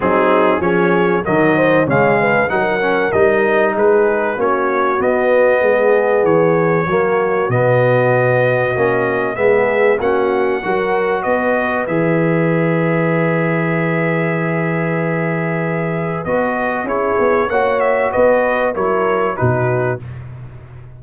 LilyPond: <<
  \new Staff \with { instrumentName = "trumpet" } { \time 4/4 \tempo 4 = 96 gis'4 cis''4 dis''4 f''4 | fis''4 dis''4 b'4 cis''4 | dis''2 cis''2 | dis''2. e''4 |
fis''2 dis''4 e''4~ | e''1~ | e''2 dis''4 cis''4 | fis''8 e''8 dis''4 cis''4 b'4 | }
  \new Staff \with { instrumentName = "horn" } { \time 4/4 dis'4 gis'4 ais'8 c''8 cis''8 b'8 | ais'2 gis'4 fis'4~ | fis'4 gis'2 fis'4~ | fis'2. gis'4 |
fis'4 ais'4 b'2~ | b'1~ | b'2. gis'4 | cis''4 b'4 ais'4 fis'4 | }
  \new Staff \with { instrumentName = "trombone" } { \time 4/4 c'4 cis'4 fis4 gis4 | dis'8 cis'8 dis'2 cis'4 | b2. ais4 | b2 cis'4 b4 |
cis'4 fis'2 gis'4~ | gis'1~ | gis'2 fis'4 e'4 | fis'2 e'4 dis'4 | }
  \new Staff \with { instrumentName = "tuba" } { \time 4/4 fis4 f4 dis4 cis4 | fis4 g4 gis4 ais4 | b4 gis4 e4 fis4 | b,2 ais4 gis4 |
ais4 fis4 b4 e4~ | e1~ | e2 b4 cis'8 b8 | ais4 b4 fis4 b,4 | }
>>